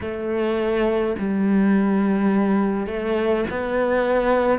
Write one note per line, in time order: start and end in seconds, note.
0.00 1.15 A3
1.18 2.86 G3
2.86 3.44 A3
3.50 4.58 B3